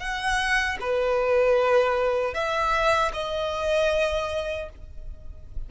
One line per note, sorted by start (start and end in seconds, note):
0.00 0.78 F#5
0.80 2.34 B4
2.34 3.12 E5
3.13 4.69 D#5